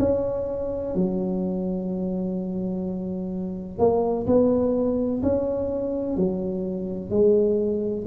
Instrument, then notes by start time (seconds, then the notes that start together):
tuba
0.00 C#4
0.95 F#3
3.79 A#3
4.27 B3
5.23 C#4
6.17 F#3
7.10 G#3